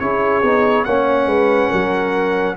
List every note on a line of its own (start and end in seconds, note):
0.00 0.43 C#4
0.00 0.43 E4
0.00 0.86 G#4
0.00 0.85 C#5
0.43 0.86 B3
0.43 0.87 D#4
0.85 1.26 A#3
0.85 2.57 C#4
0.85 1.28 C#5
0.85 2.56 F#5
1.26 1.69 G#3
1.26 1.69 B4
1.69 2.57 F#3
1.69 2.55 A#4